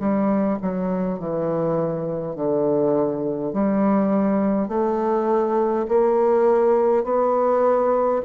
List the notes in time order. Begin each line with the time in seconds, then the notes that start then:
0.00 G3
0.62 F#3
1.19 E3
2.36 D3
3.53 G3
4.69 A3
5.89 A#3
7.04 B3